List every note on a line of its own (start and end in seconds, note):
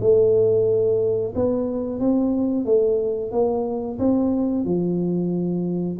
0.00 1.33 A3
1.35 1.99 B3
1.99 2.65 C4
2.65 3.31 A3
3.31 3.98 A#3
3.98 4.64 C4
4.64 5.98 F3